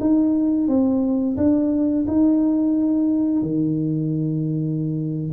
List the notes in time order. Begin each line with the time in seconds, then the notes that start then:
0.00 D#4
0.68 C4
1.37 D4
2.07 D#4
3.42 D#3